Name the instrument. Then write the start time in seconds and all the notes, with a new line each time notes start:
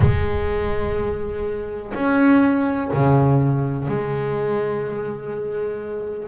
double bass
0.00 G#3
1.94 C#4
2.93 C#3
3.88 G#3